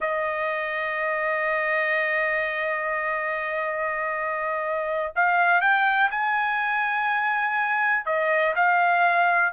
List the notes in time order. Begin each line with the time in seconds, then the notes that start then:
0.00 D#5
5.15 F5
5.61 G5
6.11 G#5
8.05 D#5
8.55 F5